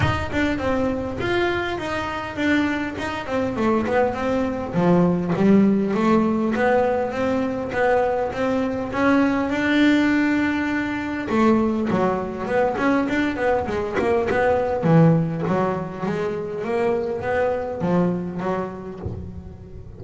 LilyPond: \new Staff \with { instrumentName = "double bass" } { \time 4/4 \tempo 4 = 101 dis'8 d'8 c'4 f'4 dis'4 | d'4 dis'8 c'8 a8 b8 c'4 | f4 g4 a4 b4 | c'4 b4 c'4 cis'4 |
d'2. a4 | fis4 b8 cis'8 d'8 b8 gis8 ais8 | b4 e4 fis4 gis4 | ais4 b4 f4 fis4 | }